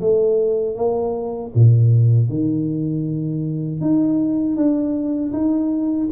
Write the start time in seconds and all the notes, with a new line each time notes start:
0.00 A3
0.76 A#3
1.55 A#2
2.29 D#3
3.81 D#4
4.56 D4
5.33 D#4